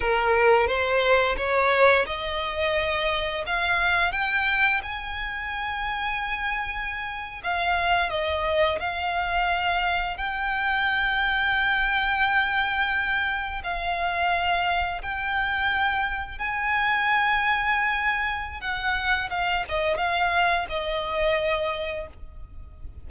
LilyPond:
\new Staff \with { instrumentName = "violin" } { \time 4/4 \tempo 4 = 87 ais'4 c''4 cis''4 dis''4~ | dis''4 f''4 g''4 gis''4~ | gis''2~ gis''8. f''4 dis''16~ | dis''8. f''2 g''4~ g''16~ |
g''2.~ g''8. f''16~ | f''4.~ f''16 g''2 gis''16~ | gis''2. fis''4 | f''8 dis''8 f''4 dis''2 | }